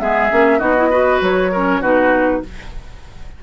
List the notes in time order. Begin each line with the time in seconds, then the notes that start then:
0.00 G#3 B3 G#4 E5
0.31 A#3 C#4
0.59 B3 D#4 F#4 D#5
0.77 E4
0.91 F#4 B4
1.21 F#3 C#5
1.52 C#4 A#4
1.81 B2 D#4 F#4 B4